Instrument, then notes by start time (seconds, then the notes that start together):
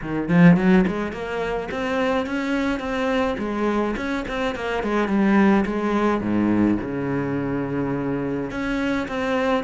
cello
0.01 D#3
0.28 F3
0.56 F#3
0.87 G#3
1.12 A#3
1.71 C4
2.26 C#4
2.79 C4
3.38 G#3
3.96 C#4
4.28 C4
4.55 A#3
4.83 G#3
5.08 G3
5.65 G#3
6.21 G#2
6.81 C#3
8.50 C#4
9.07 C4